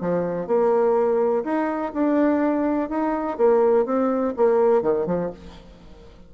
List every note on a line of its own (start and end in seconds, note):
0.00 0.47 F3
0.47 1.43 A#3
1.44 1.92 D#4
1.93 2.89 D4
2.89 3.37 D#4
3.37 3.85 A#3
3.85 4.33 C4
4.36 4.82 A#3
4.82 5.06 D#3
5.06 5.30 F3